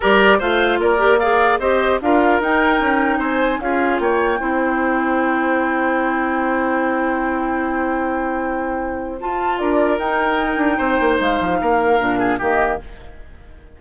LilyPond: <<
  \new Staff \with { instrumentName = "flute" } { \time 4/4 \tempo 4 = 150 d''4 f''4 d''4 f''4 | dis''4 f''4 g''2 | gis''4 f''4 g''2~ | g''1~ |
g''1~ | g''2. a''4 | d''4 g''2. | f''2. dis''4 | }
  \new Staff \with { instrumentName = "oboe" } { \time 4/4 ais'4 c''4 ais'4 d''4 | c''4 ais'2. | c''4 gis'4 cis''4 c''4~ | c''1~ |
c''1~ | c''1 | ais'2. c''4~ | c''4 ais'4. gis'8 g'4 | }
  \new Staff \with { instrumentName = "clarinet" } { \time 4/4 g'4 f'4. g'8 gis'4 | g'4 f'4 dis'2~ | dis'4 f'2 e'4~ | e'1~ |
e'1~ | e'2. f'4~ | f'4 dis'2.~ | dis'2 d'4 ais4 | }
  \new Staff \with { instrumentName = "bassoon" } { \time 4/4 g4 a4 ais2 | c'4 d'4 dis'4 cis'4 | c'4 cis'4 ais4 c'4~ | c'1~ |
c'1~ | c'2. f'4 | d'4 dis'4. d'8 c'8 ais8 | gis8 f8 ais4 ais,4 dis4 | }
>>